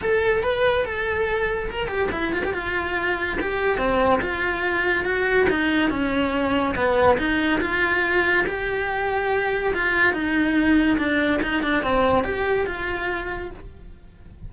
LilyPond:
\new Staff \with { instrumentName = "cello" } { \time 4/4 \tempo 4 = 142 a'4 b'4 a'2 | ais'8 g'8 e'8 f'16 g'16 f'2 | g'4 c'4 f'2 | fis'4 dis'4 cis'2 |
b4 dis'4 f'2 | g'2. f'4 | dis'2 d'4 dis'8 d'8 | c'4 g'4 f'2 | }